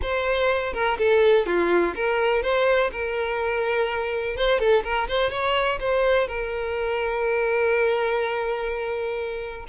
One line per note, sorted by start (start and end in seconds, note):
0.02 0.73 C5
0.73 0.97 A#4
0.98 1.46 A4
1.46 1.94 F4
1.95 2.42 A#4
2.42 2.90 C5
2.91 4.36 A#4
4.36 4.59 C5
4.59 4.83 A4
4.83 5.07 A#4
5.08 5.30 C5
5.30 5.78 C#5
5.80 6.27 C5
6.27 9.66 A#4